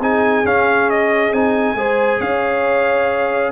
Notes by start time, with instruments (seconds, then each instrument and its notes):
0.00 tuba C4, trombone D#4, horn G#4, trumpet G#5
0.45 tuba C#4, trombone C#4, trumpet F5
0.90 trumpet D#5
1.33 tuba C4, trombone D#4, trumpet G#5
1.75 tuba G#3, trombone G#4, horn C5
2.20 tuba C#4, horn C#5, trumpet F5